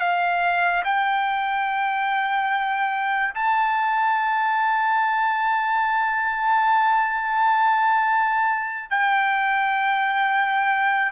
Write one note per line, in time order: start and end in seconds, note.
0.00 0.83 F5
0.84 3.34 G5
3.35 8.90 A5
8.90 11.12 G5